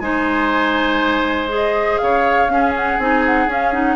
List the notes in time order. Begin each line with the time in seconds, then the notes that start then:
0.00 G#3 D#4 C5 G#5
1.49 G#4 D#5
1.98 C#3 C#5 F5
2.48 C#4 G#4
2.76 F#5
2.99 C4 D#4 G#5
3.26 F#5
3.47 C#4 F5
3.72 D#4 F#5